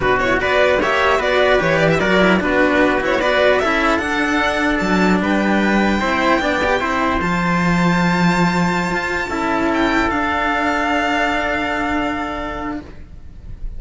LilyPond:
<<
  \new Staff \with { instrumentName = "violin" } { \time 4/4 \tempo 4 = 150 b'8 cis''8 d''4 e''4 d''4 | cis''8 d''16 e''16 d''4 b'4. cis''8 | d''4 e''4 fis''2 | a''4 g''2.~ |
g''2 a''2~ | a''1~ | a''16 g''4 f''2~ f''8.~ | f''1 | }
  \new Staff \with { instrumentName = "trumpet" } { \time 4/4 fis'4 b'4 cis''4 b'4~ | b'4 ais'4 fis'2 | b'4 a'2.~ | a'4 b'2 c''4 |
d''4 c''2.~ | c''2.~ c''16 a'8.~ | a'1~ | a'1 | }
  \new Staff \with { instrumentName = "cello" } { \time 4/4 d'8 e'8 fis'4 g'4 fis'4 | g'4 fis'8 e'8 d'4. e'8 | fis'4 e'4 d'2~ | d'2. e'4 |
d'8 g'8 e'4 f'2~ | f'2.~ f'16 e'8.~ | e'4~ e'16 d'2~ d'8.~ | d'1 | }
  \new Staff \with { instrumentName = "cello" } { \time 4/4 b,4 b4 ais4 b4 | e4 fis4 b2~ | b4 cis'4 d'2 | fis4 g2 c'4 |
b4 c'4 f2~ | f2~ f16 f'4 cis'8.~ | cis'4~ cis'16 d'2~ d'8.~ | d'1 | }
>>